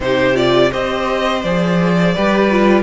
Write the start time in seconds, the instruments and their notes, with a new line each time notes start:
0.00 cello C3, viola D#4, violin G4 C5
0.34 viola F4, violin D5
0.71 cello C4, viola G4, violin C5 D#5
1.42 cello F3, viola G#4, violin D5
2.14 cello G3, viola G4, violin B4
2.50 viola F4